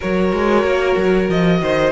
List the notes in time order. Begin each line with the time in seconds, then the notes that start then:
0.00 F#3 F#4 A#4 C#5
0.32 G#3
0.63 A#3
0.96 F#3
1.28 F3 D#5
1.61 D#3 C5